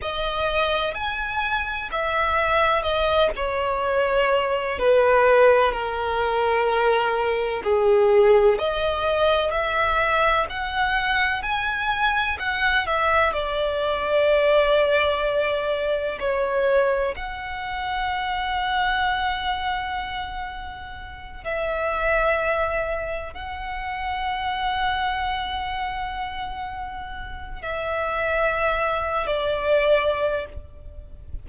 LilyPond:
\new Staff \with { instrumentName = "violin" } { \time 4/4 \tempo 4 = 63 dis''4 gis''4 e''4 dis''8 cis''8~ | cis''4 b'4 ais'2 | gis'4 dis''4 e''4 fis''4 | gis''4 fis''8 e''8 d''2~ |
d''4 cis''4 fis''2~ | fis''2~ fis''8 e''4.~ | e''8 fis''2.~ fis''8~ | fis''4 e''4.~ e''16 d''4~ d''16 | }